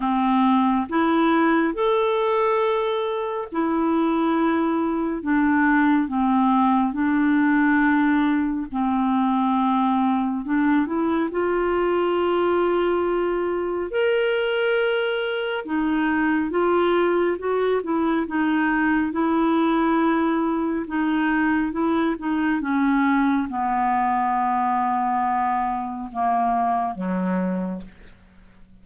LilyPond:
\new Staff \with { instrumentName = "clarinet" } { \time 4/4 \tempo 4 = 69 c'4 e'4 a'2 | e'2 d'4 c'4 | d'2 c'2 | d'8 e'8 f'2. |
ais'2 dis'4 f'4 | fis'8 e'8 dis'4 e'2 | dis'4 e'8 dis'8 cis'4 b4~ | b2 ais4 fis4 | }